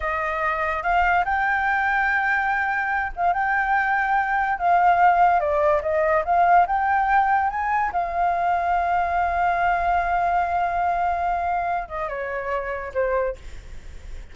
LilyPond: \new Staff \with { instrumentName = "flute" } { \time 4/4 \tempo 4 = 144 dis''2 f''4 g''4~ | g''2.~ g''8 f''8 | g''2. f''4~ | f''4 d''4 dis''4 f''4 |
g''2 gis''4 f''4~ | f''1~ | f''1~ | f''8 dis''8 cis''2 c''4 | }